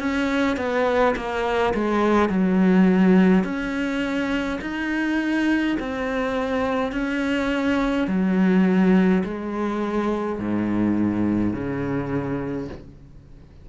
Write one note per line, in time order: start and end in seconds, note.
0.00 0.58 C#4
0.58 1.15 B3
1.16 1.74 A#3
1.75 2.30 G#3
2.30 3.45 F#3
3.45 4.60 C#4
4.62 5.77 D#4
5.80 6.92 C4
6.92 8.08 C#4
8.08 9.24 F#3
9.25 10.40 G#3
10.40 11.54 G#2
11.54 12.69 C#3